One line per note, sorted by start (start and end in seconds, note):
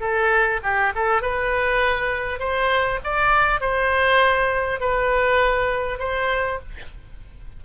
0.00 0.60 A4
0.63 0.93 G4
0.95 1.22 A4
1.22 2.39 B4
2.39 2.99 C5
3.04 3.60 D5
3.60 4.80 C5
4.80 5.99 B4
5.99 6.59 C5